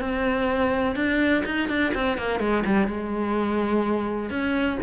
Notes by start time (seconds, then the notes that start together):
0.00 C4
0.96 D4
1.45 D#4
1.69 D4
1.94 C4
2.18 A#3
2.40 G#3
2.66 G3
2.87 G#3
4.30 C#4